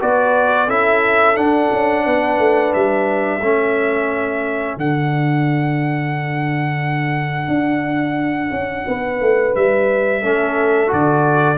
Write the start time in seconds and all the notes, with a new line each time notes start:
0.00 B3 F#4 B4 D5
0.67 C#4 E4 A4 E5
1.36 D4 F#5
1.72 C#4
2.06 B3 B4
2.39 A3
2.74 G3 E5
3.41 A3 C#4 A4
4.77 D3 D4 F#5
7.48 D4
8.51 C#4
8.87 B3 B4
9.21 A3
9.56 G3 E5
10.22 A3 C#4 A4
10.87 D3 F#4 D5